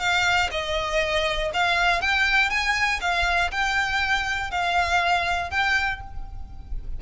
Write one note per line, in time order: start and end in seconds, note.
0.00 0.50 F5
0.52 1.52 D#5
1.54 2.01 F5
2.01 2.50 G5
2.50 3.00 G#5
3.01 3.51 F5
3.51 4.51 G5
4.51 5.51 F5
5.51 6.01 G5